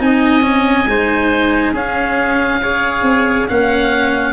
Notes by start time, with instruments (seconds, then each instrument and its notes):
0.00 tuba C4, cello D#4, oboe D#5 G#5
0.42 cello C#4
0.87 tuba G#3, cello D#4, oboe C5
1.73 tuba C#4, cello C#4, oboe G#4 F5
2.62 cello G#4, oboe C#5
3.03 tuba C4
3.48 tuba A#3, cello C#4, oboe F5 F#5